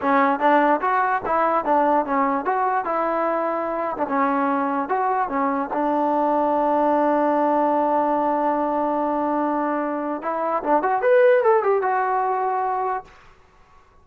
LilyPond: \new Staff \with { instrumentName = "trombone" } { \time 4/4 \tempo 4 = 147 cis'4 d'4 fis'4 e'4 | d'4 cis'4 fis'4 e'4~ | e'4.~ e'16 d'16 cis'2 | fis'4 cis'4 d'2~ |
d'1~ | d'1~ | d'4 e'4 d'8 fis'8 b'4 | a'8 g'8 fis'2. | }